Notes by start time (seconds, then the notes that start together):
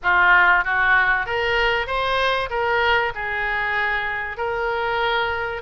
0.02 F4
0.64 F#4
1.26 A#4
1.86 C5
2.50 A#4
3.14 G#4
4.37 A#4